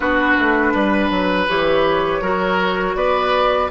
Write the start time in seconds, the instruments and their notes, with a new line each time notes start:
0.00 bassoon B3, clarinet D4, oboe F#4, flute B4
0.38 bassoon A3
0.74 bassoon G3, oboe B4
1.10 bassoon F#3
1.48 bassoon E3, clarinet G4, flute C#5
2.21 bassoon F#3, clarinet F#4, oboe A#4
2.95 bassoon B3, oboe B4, flute D5